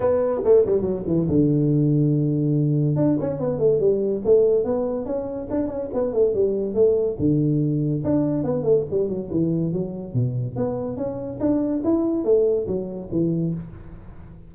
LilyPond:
\new Staff \with { instrumentName = "tuba" } { \time 4/4 \tempo 4 = 142 b4 a8 g8 fis8 e8 d4~ | d2. d'8 cis'8 | b8 a8 g4 a4 b4 | cis'4 d'8 cis'8 b8 a8 g4 |
a4 d2 d'4 | b8 a8 g8 fis8 e4 fis4 | b,4 b4 cis'4 d'4 | e'4 a4 fis4 e4 | }